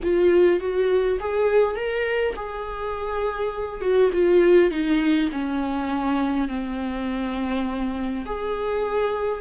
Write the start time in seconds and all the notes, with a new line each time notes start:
0.03 F4
0.60 F#4
1.20 G#4
1.75 A#4
2.35 G#4
3.81 F#4
4.12 F4
4.70 D#4
5.32 C#4
6.48 C4
8.25 G#4